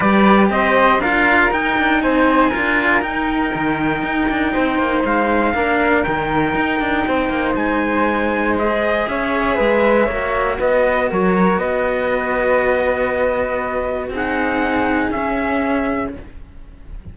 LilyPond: <<
  \new Staff \with { instrumentName = "trumpet" } { \time 4/4 \tempo 4 = 119 d''4 dis''4 f''4 g''4 | gis''2 g''2~ | g''2 f''2 | g''2. gis''4~ |
gis''4 dis''4 e''2~ | e''4 dis''4 cis''4 dis''4~ | dis''1 | fis''2 e''2 | }
  \new Staff \with { instrumentName = "flute" } { \time 4/4 b'4 c''4 ais'2 | c''4 ais'2.~ | ais'4 c''2 ais'4~ | ais'2 c''2~ |
c''2 cis''4 b'4 | cis''4 b'4 ais'4 b'4~ | b'1 | gis'1 | }
  \new Staff \with { instrumentName = "cello" } { \time 4/4 g'2 f'4 dis'4~ | dis'4 f'4 dis'2~ | dis'2. d'4 | dis'1~ |
dis'4 gis'2. | fis'1~ | fis'1 | dis'2 cis'2 | }
  \new Staff \with { instrumentName = "cello" } { \time 4/4 g4 c'4 d'4 dis'8 d'8 | c'4 d'4 dis'4 dis4 | dis'8 d'8 c'8 ais8 gis4 ais4 | dis4 dis'8 d'8 c'8 ais8 gis4~ |
gis2 cis'4 gis4 | ais4 b4 fis4 b4~ | b1 | c'2 cis'2 | }
>>